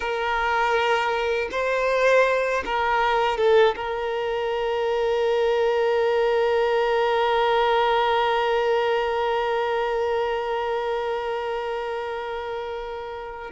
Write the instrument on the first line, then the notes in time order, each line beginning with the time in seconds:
violin
0.00 A#4
1.51 C5
2.65 A#4
3.37 A4
3.76 A#4